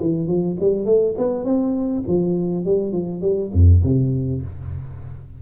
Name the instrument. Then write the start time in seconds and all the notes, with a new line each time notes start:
tuba
0.00 E3
0.28 F3
0.60 G3
0.86 A3
1.18 B3
1.44 C4
2.07 F3
2.65 G3
2.93 F3
3.21 G3
3.53 F2
3.83 C3